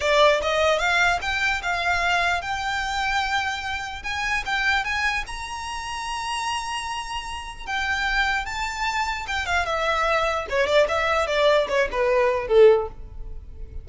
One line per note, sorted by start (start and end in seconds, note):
0.00 0.40 D5
0.42 0.79 D#5
0.79 1.19 F5
1.21 1.61 G5
1.62 2.41 F5
2.41 4.02 G5
4.03 4.43 G#5
4.45 4.84 G5
4.84 5.24 G#5
5.26 7.66 A#5
7.66 8.45 G5
8.45 9.26 A5
9.27 9.46 G5
9.46 9.65 F5
9.65 10.46 E5
10.49 10.66 C#5
10.66 10.86 D5
10.88 11.27 E5
11.27 11.67 D5
11.68 11.88 C#5
11.91 12.47 B4
12.47 12.87 A4